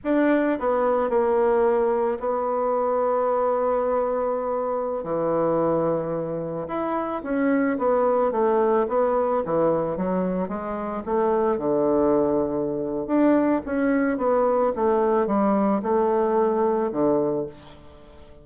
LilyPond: \new Staff \with { instrumentName = "bassoon" } { \time 4/4 \tempo 4 = 110 d'4 b4 ais2 | b1~ | b4~ b16 e2~ e8.~ | e16 e'4 cis'4 b4 a8.~ |
a16 b4 e4 fis4 gis8.~ | gis16 a4 d2~ d8. | d'4 cis'4 b4 a4 | g4 a2 d4 | }